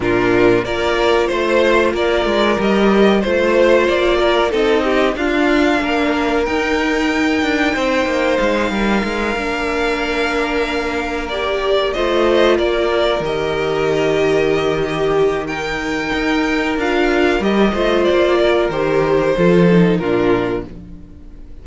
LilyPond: <<
  \new Staff \with { instrumentName = "violin" } { \time 4/4 \tempo 4 = 93 ais'4 d''4 c''4 d''4 | dis''4 c''4 d''4 dis''4 | f''2 g''2~ | g''4 f''2.~ |
f''4. d''4 dis''4 d''8~ | d''8 dis''2.~ dis''8 | g''2 f''4 dis''4 | d''4 c''2 ais'4 | }
  \new Staff \with { instrumentName = "violin" } { \time 4/4 f'4 ais'4 c''4 ais'4~ | ais'4 c''4. ais'8 a'8 g'8 | f'4 ais'2. | c''4. ais'2~ ais'8~ |
ais'2~ ais'8 c''4 ais'8~ | ais'2. g'4 | ais'2.~ ais'8 c''8~ | c''8 ais'4. a'4 f'4 | }
  \new Staff \with { instrumentName = "viola" } { \time 4/4 d'4 f'2. | g'4 f'2 dis'4 | d'2 dis'2~ | dis'2~ dis'8 d'4.~ |
d'4. g'4 f'4.~ | f'8 g'2.~ g'8 | dis'2 f'4 g'8 f'8~ | f'4 g'4 f'8 dis'8 d'4 | }
  \new Staff \with { instrumentName = "cello" } { \time 4/4 ais,4 ais4 a4 ais8 gis8 | g4 a4 ais4 c'4 | d'4 ais4 dis'4. d'8 | c'8 ais8 gis8 g8 gis8 ais4.~ |
ais2~ ais8 a4 ais8~ | ais8 dis2.~ dis8~ | dis4 dis'4 d'4 g8 a8 | ais4 dis4 f4 ais,4 | }
>>